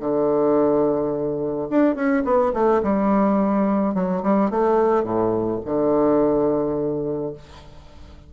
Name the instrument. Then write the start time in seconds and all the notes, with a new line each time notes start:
bassoon
0.00 D3
1.70 D4
1.95 C#4
2.24 B3
2.53 A3
2.83 G3
3.94 F#3
4.23 G3
4.50 A3
5.04 A2
5.65 D3